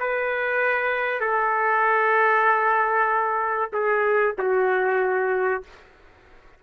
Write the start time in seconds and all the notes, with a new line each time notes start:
0.00 B4
1.21 A4
3.73 G#4
4.39 F#4